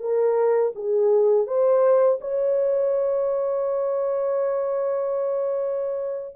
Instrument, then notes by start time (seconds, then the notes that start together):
horn
0.00 A#4
0.75 G#4
1.47 C5
2.21 C#5